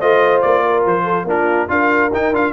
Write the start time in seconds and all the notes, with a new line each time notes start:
0.00 A3 F4 C5 D#5
0.41 A#3 D5
0.65 A#4
0.86 F3 C5
1.04 A4
1.24 A#3 D4 F4 A#4
1.68 D4 F4 A#4 F5
2.12 D#4 G5
2.32 D4 F4 F5